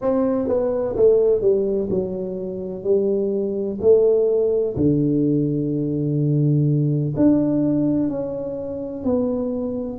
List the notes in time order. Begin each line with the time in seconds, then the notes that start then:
0.01 C4
0.48 B3
0.95 A3
1.41 G3
1.90 F#3
2.83 G3
3.81 A3
4.76 D3
7.16 D4
8.09 C#4
9.04 B3